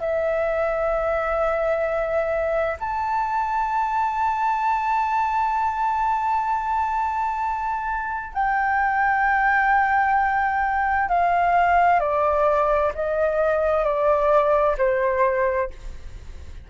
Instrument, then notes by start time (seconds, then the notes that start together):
flute
0.00 E5
2.79 A5
8.33 G5
11.09 F5
12.00 D5
12.94 D#5
13.84 D5
14.78 C5